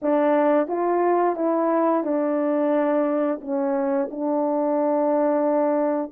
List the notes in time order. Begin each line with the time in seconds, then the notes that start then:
0.02 D4
0.67 F4
1.35 E4
2.03 D4
3.41 C#4
4.11 D4